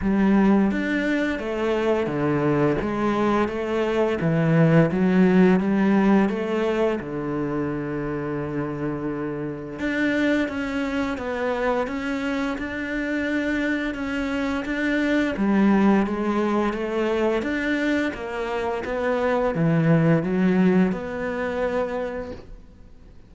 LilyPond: \new Staff \with { instrumentName = "cello" } { \time 4/4 \tempo 4 = 86 g4 d'4 a4 d4 | gis4 a4 e4 fis4 | g4 a4 d2~ | d2 d'4 cis'4 |
b4 cis'4 d'2 | cis'4 d'4 g4 gis4 | a4 d'4 ais4 b4 | e4 fis4 b2 | }